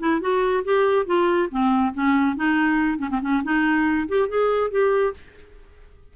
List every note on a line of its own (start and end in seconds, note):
0.00 0.21 E4
0.21 0.64 F#4
0.65 1.07 G4
1.07 1.49 F4
1.51 1.94 C4
1.95 2.36 C#4
2.36 2.99 D#4
2.99 3.10 C#4
3.10 3.21 C4
3.22 3.43 C#4
3.44 4.09 D#4
4.09 4.29 G4
4.29 4.71 G#4
4.71 5.14 G4